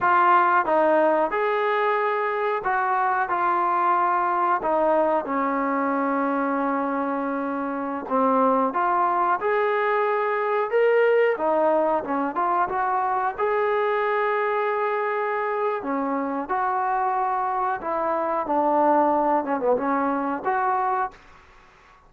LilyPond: \new Staff \with { instrumentName = "trombone" } { \time 4/4 \tempo 4 = 91 f'4 dis'4 gis'2 | fis'4 f'2 dis'4 | cis'1~ | cis'16 c'4 f'4 gis'4.~ gis'16~ |
gis'16 ais'4 dis'4 cis'8 f'8 fis'8.~ | fis'16 gis'2.~ gis'8. | cis'4 fis'2 e'4 | d'4. cis'16 b16 cis'4 fis'4 | }